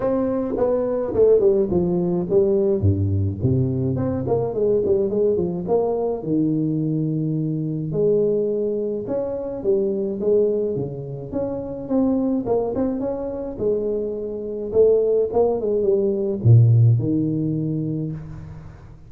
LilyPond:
\new Staff \with { instrumentName = "tuba" } { \time 4/4 \tempo 4 = 106 c'4 b4 a8 g8 f4 | g4 g,4 c4 c'8 ais8 | gis8 g8 gis8 f8 ais4 dis4~ | dis2 gis2 |
cis'4 g4 gis4 cis4 | cis'4 c'4 ais8 c'8 cis'4 | gis2 a4 ais8 gis8 | g4 ais,4 dis2 | }